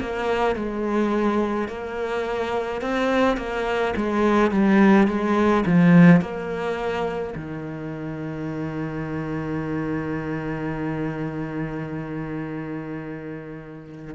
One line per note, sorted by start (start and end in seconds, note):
0.00 0.56 A#3
0.56 1.68 G#3
1.68 2.81 A#3
2.81 3.37 C4
3.37 3.94 A#3
3.96 4.51 G#3
4.51 5.07 G3
5.07 5.64 G#3
5.66 6.21 F3
6.21 7.34 A#3
7.35 14.15 D#3